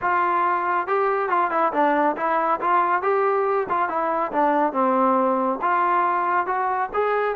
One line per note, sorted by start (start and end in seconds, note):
0.01 0.87 F4
0.87 1.29 G4
1.29 1.50 F4
1.50 1.72 E4
1.72 2.16 D4
2.16 2.60 E4
2.60 3.02 F4
3.02 3.67 G4
3.69 3.88 F4
3.88 4.31 E4
4.32 4.72 D4
4.72 5.59 C4
5.61 6.46 F4
6.46 6.89 F#4
6.93 7.35 G#4